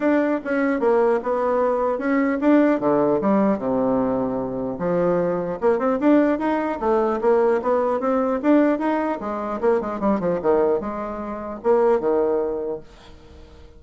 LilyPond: \new Staff \with { instrumentName = "bassoon" } { \time 4/4 \tempo 4 = 150 d'4 cis'4 ais4 b4~ | b4 cis'4 d'4 d4 | g4 c2. | f2 ais8 c'8 d'4 |
dis'4 a4 ais4 b4 | c'4 d'4 dis'4 gis4 | ais8 gis8 g8 f8 dis4 gis4~ | gis4 ais4 dis2 | }